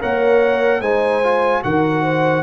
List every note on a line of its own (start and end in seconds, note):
0.00 0.81 A#3
0.00 0.82 A#4
0.00 0.81 C#5
0.00 0.81 F#5
0.81 1.62 G#3
0.81 1.23 D#4
0.81 1.62 C5
0.81 1.62 G#5
1.23 1.64 F4
1.64 2.43 D#3
1.64 2.43 F#4
1.64 2.03 A#4
1.64 2.43 F#5
2.03 2.43 C5